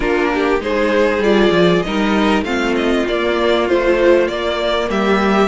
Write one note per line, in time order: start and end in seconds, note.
0.00 0.59 A#3
0.00 0.60 D4
0.00 0.30 F4
0.00 0.59 A#4
0.33 0.63 G4
0.59 1.18 G#3
0.59 1.21 D#4
0.59 1.85 G#4
0.59 1.23 C5
1.18 1.49 G3
1.18 1.84 F4
1.18 1.82 D5
1.51 1.81 F3
1.82 2.42 G3
1.82 2.45 D#4
1.82 2.44 A#4
1.82 2.43 D#5
2.42 3.03 A3
2.42 3.06 C4
2.42 4.89 F4
2.42 2.74 F5
2.76 3.06 D#5
3.07 3.68 A#3
3.07 3.69 A#3
3.07 3.68 D5
3.68 4.26 F3
3.68 4.28 A3
3.68 4.27 C5
4.26 5.48 A#3
4.26 4.89 A#3
4.26 4.89 D5
4.89 5.48 G3
4.89 5.48 G4
4.89 5.48 E5